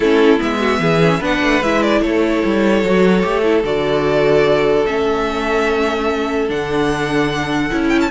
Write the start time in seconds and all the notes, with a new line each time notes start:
0.00 A3 C#4 E4 A4
0.38 G#3 B3 E5
0.59 F#4
0.79 E3 G#4
1.01 C#4
1.20 B3 D4 B4 F#5
1.42 A3
1.61 G#3 E4 E5
1.82 D5
2.01 A3 A4 C#5
2.44 G3
2.83 F#3 F#4
3.22 A3 G4
3.43 E4
3.63 D3 F#4 D5
4.86 A3 C#4 E5
6.48 D3 D4 F#5
7.70 C#4 E4
7.88 G5
8.00 A5